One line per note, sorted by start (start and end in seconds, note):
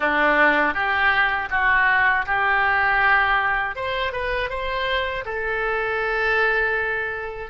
0.00 0.73 D4
0.73 1.48 G4
1.50 2.25 F#4
2.25 3.75 G4
3.75 4.12 C5
4.12 4.49 B4
4.49 5.24 C5
5.25 7.50 A4